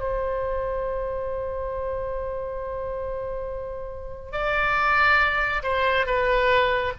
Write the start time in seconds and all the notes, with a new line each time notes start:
0.00 C5
4.32 D5
5.63 C5
6.06 B4